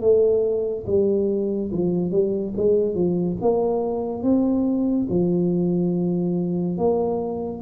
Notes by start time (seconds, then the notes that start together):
0.00 A3
0.86 G3
1.71 F3
2.11 G3
2.57 G#3
2.94 F3
3.41 A#3
4.23 C4
5.09 F3
6.77 A#3